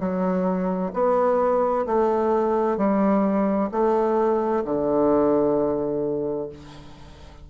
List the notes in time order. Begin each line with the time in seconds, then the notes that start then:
0.00 F#3
0.94 B3
1.86 A3
2.78 G3
3.72 A3
4.65 D3